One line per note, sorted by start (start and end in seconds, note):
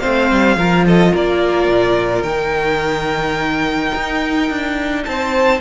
0.00 0.32 A3
0.00 0.57 C4
0.00 0.57 C5
0.00 0.84 F5
0.32 0.57 G3
0.57 1.13 F3
0.57 2.27 F4
0.57 0.86 A#4
0.86 1.12 A4
0.86 1.15 D#5
1.12 1.68 A#3
1.12 5.05 A#4
1.12 2.23 D5
1.68 2.23 A#2
2.23 3.91 D#3
2.23 5.61 D#4
2.23 5.04 G5
3.95 4.50 D#4
4.50 5.06 D4
5.05 5.61 C4
5.05 5.61 C5
5.05 5.61 A5